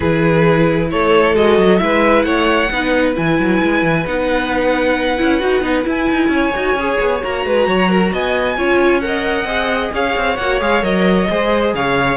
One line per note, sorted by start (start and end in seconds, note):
0.00 0.92 E3
0.00 1.35 E4
0.00 0.88 G#4
0.00 0.90 B4
0.90 1.35 A3
0.90 1.82 A4
0.90 1.35 C#5
1.35 1.57 G#3
1.35 1.78 F#4
1.35 1.78 D#5
1.57 1.80 F#3
1.78 2.24 G#3
1.78 2.69 E4
1.78 2.25 B4
1.78 2.22 E5
2.22 2.69 A3
2.22 2.70 C#5
2.22 3.13 F#5
2.71 3.16 B3
2.71 3.14 D#4
2.71 6.32 B4
3.14 3.39 E3
3.14 4.05 E4
3.14 4.06 G#5
3.39 3.61 F#3
3.62 3.82 G#3
3.82 4.05 E3
4.06 5.19 B3
4.06 5.17 D#4
4.06 5.87 F#5
5.17 5.42 C#4
5.17 5.39 E4
5.39 5.61 D#4
5.39 5.61 F#4
5.61 5.83 B3
5.61 5.83 D#4
5.83 6.51 E4
5.83 6.10 E4
5.89 7.23 G#5
6.10 6.28 D#4
6.28 6.50 C#4
6.28 7.46 C#5
6.54 6.74 D#4
6.54 6.77 F#4
6.74 6.96 C#4
6.74 7.20 G#4
7.00 7.22 B3
7.20 7.45 A#3
7.20 8.56 F#4
7.20 8.13 A#5
7.45 7.67 G#3
7.45 7.67 B4
7.67 8.12 F#3
7.67 7.89 C#5
7.89 8.12 A#4
8.12 8.56 B3
8.12 8.57 D#5
8.12 9.00 G#5
8.56 9.44 C#4
8.56 9.02 F4
8.56 9.02 C#5
9.00 9.45 A#4
9.00 9.94 D#5
9.00 9.91 F#5
9.44 9.89 C4
9.44 10.35 G#4
9.92 10.15 C#4
9.92 11.29 C#5
9.92 10.36 F5
10.16 10.38 C4
10.36 10.60 A#3
10.36 10.60 F#4
10.36 10.59 F#5
10.60 10.82 G#3
10.60 10.81 G#4
10.60 10.83 F5
10.81 11.27 F#3
10.81 11.26 A#4
10.81 11.73 D#5
11.29 11.74 G#3
11.29 12.17 G#4
11.29 11.75 C5
11.74 12.17 C#3
11.74 12.17 C#5
11.74 12.17 F5